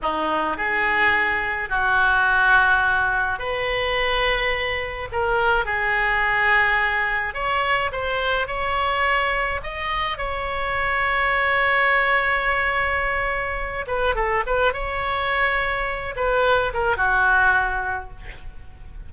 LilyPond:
\new Staff \with { instrumentName = "oboe" } { \time 4/4 \tempo 4 = 106 dis'4 gis'2 fis'4~ | fis'2 b'2~ | b'4 ais'4 gis'2~ | gis'4 cis''4 c''4 cis''4~ |
cis''4 dis''4 cis''2~ | cis''1~ | cis''8 b'8 a'8 b'8 cis''2~ | cis''8 b'4 ais'8 fis'2 | }